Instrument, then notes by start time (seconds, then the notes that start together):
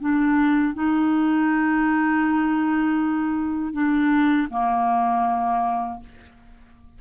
clarinet
0.00 D4
0.74 D#4
3.73 D4
4.50 A#3